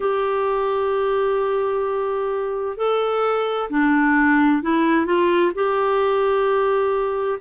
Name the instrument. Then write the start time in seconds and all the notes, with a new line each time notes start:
clarinet
0.00 G4
2.77 A4
3.70 D4
4.62 E4
5.06 F4
5.54 G4